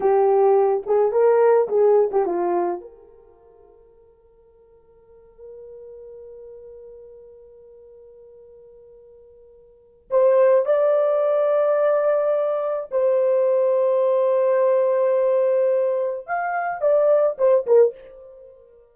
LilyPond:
\new Staff \with { instrumentName = "horn" } { \time 4/4 \tempo 4 = 107 g'4. gis'8 ais'4 gis'8. g'16 | f'4 ais'2.~ | ais'1~ | ais'1~ |
ais'2 c''4 d''4~ | d''2. c''4~ | c''1~ | c''4 f''4 d''4 c''8 ais'8 | }